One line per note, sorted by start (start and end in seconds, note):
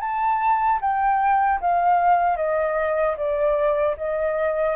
0.00 0.79 A5
0.81 1.60 G5
1.60 2.36 F5
2.36 3.15 D#5
3.17 3.95 D5
3.97 4.76 D#5